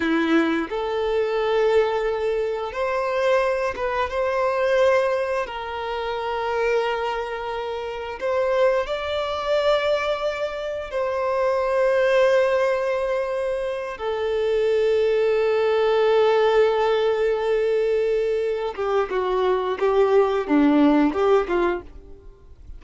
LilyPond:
\new Staff \with { instrumentName = "violin" } { \time 4/4 \tempo 4 = 88 e'4 a'2. | c''4. b'8 c''2 | ais'1 | c''4 d''2. |
c''1~ | c''8 a'2.~ a'8~ | a'2.~ a'8 g'8 | fis'4 g'4 d'4 g'8 f'8 | }